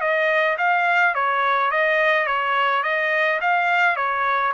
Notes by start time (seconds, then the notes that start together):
0.00 D#5
0.58 F5
1.14 C#5
1.71 D#5
2.26 C#5
2.83 D#5
3.40 F5
3.96 C#5